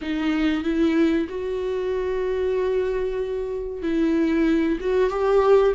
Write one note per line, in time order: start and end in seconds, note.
0.01 0.63 D#4
0.63 1.27 E4
1.28 3.82 F#4
3.82 4.78 E4
4.80 5.10 F#4
5.10 5.74 G4